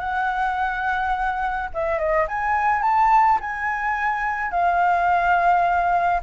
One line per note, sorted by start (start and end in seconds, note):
0.00 1.70 F#5
1.74 1.99 E5
1.99 2.27 D#5
2.28 2.83 G#5
2.83 3.39 A5
3.41 4.51 G#5
4.51 6.21 F5